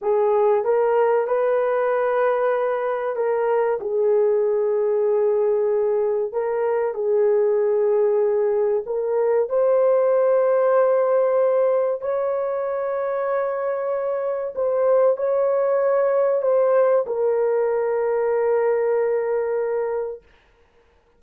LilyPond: \new Staff \with { instrumentName = "horn" } { \time 4/4 \tempo 4 = 95 gis'4 ais'4 b'2~ | b'4 ais'4 gis'2~ | gis'2 ais'4 gis'4~ | gis'2 ais'4 c''4~ |
c''2. cis''4~ | cis''2. c''4 | cis''2 c''4 ais'4~ | ais'1 | }